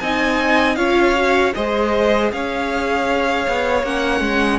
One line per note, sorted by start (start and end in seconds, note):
0.00 0.77 C4
0.00 0.78 D#4
0.00 0.78 D#5
0.00 0.76 G#5
0.76 1.54 C#4
0.76 1.15 F4
0.76 1.55 C#5
0.76 1.53 F5
1.15 1.54 F#4
1.55 2.32 G#3
1.55 3.85 G#4
1.55 2.32 C5
1.55 2.32 D#5
2.32 3.47 C#4
2.32 4.59 C#5
2.32 3.85 F5
3.48 3.83 B3
3.83 4.21 A#3
3.83 4.59 C#4
3.83 4.59 F#5
4.21 4.59 G#3